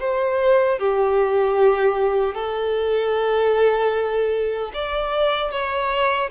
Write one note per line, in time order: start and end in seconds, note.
0.00 0.79 C5
0.79 2.35 G4
2.35 4.72 A4
4.74 5.51 D5
5.51 6.30 C#5